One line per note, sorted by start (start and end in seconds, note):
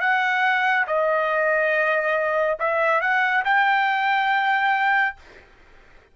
0.00 0.86 F#5
0.87 2.58 D#5
2.59 3.01 E5
3.01 3.44 F#5
3.45 5.16 G5